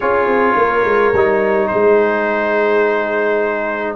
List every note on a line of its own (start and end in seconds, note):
0.00 0.26 C#4
0.00 1.14 F4
0.00 0.56 G#4
0.00 1.67 C#5
0.26 0.54 C4
0.56 0.84 A#3
0.56 1.70 A#4
0.84 1.12 G#3
1.13 1.69 G3
1.13 3.96 D#4
1.67 3.96 G#4
1.67 3.94 C5
1.74 3.96 G#3